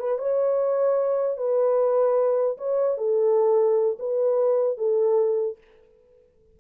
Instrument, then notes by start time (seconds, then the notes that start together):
horn
0.00 B4
0.19 C#5
1.38 B4
2.58 C#5
2.98 A4
4.00 B4
4.78 A4